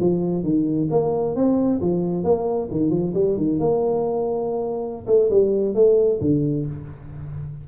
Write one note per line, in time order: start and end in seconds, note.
0.00 0.44 F3
0.44 0.89 D#3
0.91 1.36 A#3
1.36 1.81 C4
1.81 2.24 F3
2.24 2.69 A#3
2.71 2.91 D#3
2.91 3.13 F3
3.15 3.37 G3
3.37 3.59 D#3
3.59 5.06 A#3
5.07 5.29 A3
5.30 5.75 G3
5.75 6.20 A3
6.21 6.66 D3